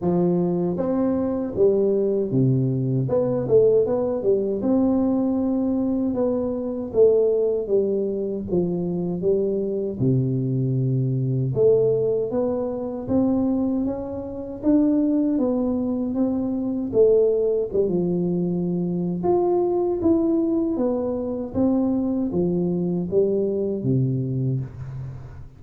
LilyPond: \new Staff \with { instrumentName = "tuba" } { \time 4/4 \tempo 4 = 78 f4 c'4 g4 c4 | b8 a8 b8 g8 c'2 | b4 a4 g4 f4 | g4 c2 a4 |
b4 c'4 cis'4 d'4 | b4 c'4 a4 g16 f8.~ | f4 f'4 e'4 b4 | c'4 f4 g4 c4 | }